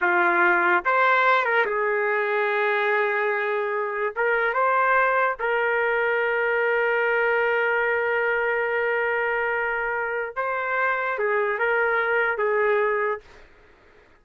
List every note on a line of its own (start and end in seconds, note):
0.01 0.83 F4
0.85 1.44 C5
1.44 1.65 A#4
1.65 4.14 G#4
4.16 4.53 A#4
4.53 5.36 C5
5.39 10.36 A#4
10.36 11.18 C5
11.18 11.58 G#4
11.58 12.37 A#4
12.37 13.20 G#4